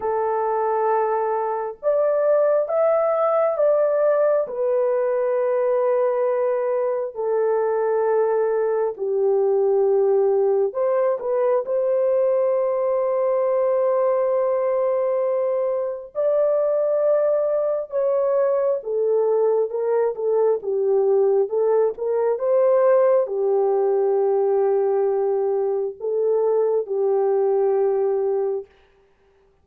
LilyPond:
\new Staff \with { instrumentName = "horn" } { \time 4/4 \tempo 4 = 67 a'2 d''4 e''4 | d''4 b'2. | a'2 g'2 | c''8 b'8 c''2.~ |
c''2 d''2 | cis''4 a'4 ais'8 a'8 g'4 | a'8 ais'8 c''4 g'2~ | g'4 a'4 g'2 | }